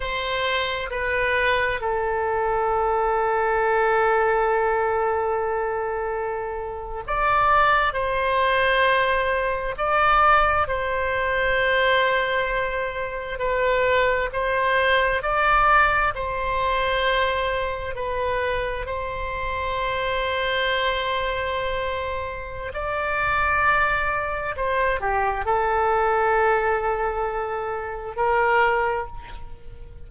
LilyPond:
\new Staff \with { instrumentName = "oboe" } { \time 4/4 \tempo 4 = 66 c''4 b'4 a'2~ | a'2.~ a'8. d''16~ | d''8. c''2 d''4 c''16~ | c''2~ c''8. b'4 c''16~ |
c''8. d''4 c''2 b'16~ | b'8. c''2.~ c''16~ | c''4 d''2 c''8 g'8 | a'2. ais'4 | }